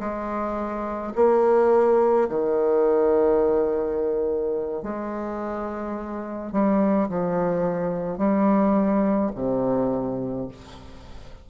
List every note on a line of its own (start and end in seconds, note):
0.00 1.13 G#3
1.16 2.29 A#3
2.30 4.83 D#3
4.83 6.52 G#3
6.52 7.09 G3
7.09 8.18 F3
8.18 9.31 G3
9.35 10.48 C3